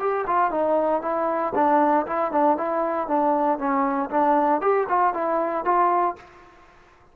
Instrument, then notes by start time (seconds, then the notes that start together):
trombone
0.00 G4
0.27 F4
0.51 D#4
1.02 E4
1.55 D4
2.07 E4
2.32 D4
2.57 E4
3.08 D4
3.59 C#4
4.11 D4
4.61 G4
4.89 F4
5.14 E4
5.65 F4